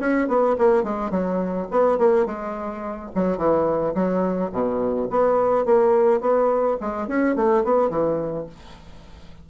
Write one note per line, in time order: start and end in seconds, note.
0.00 0.28 C#4
0.28 0.56 B3
0.58 0.84 A#3
0.84 1.11 G#3
1.11 1.67 F#3
1.71 1.99 B3
1.99 2.26 A#3
2.26 3.11 G#3
3.15 3.38 F#3
3.38 3.94 E3
3.95 4.51 F#3
4.52 5.09 B2
5.10 5.66 B3
5.66 6.21 A#3
6.21 6.78 B3
6.81 7.08 G#3
7.08 7.36 C#4
7.36 7.64 A3
7.64 7.90 B3
7.90 8.47 E3